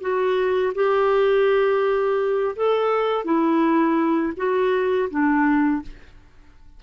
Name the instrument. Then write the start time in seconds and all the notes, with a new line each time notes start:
clarinet
0.00 F#4
0.74 G4
2.55 A4
3.24 E4
4.36 F#4
5.10 D4